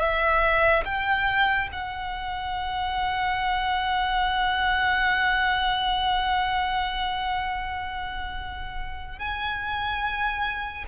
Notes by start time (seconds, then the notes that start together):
0.00 E5
0.85 G5
1.72 F#5
9.19 G#5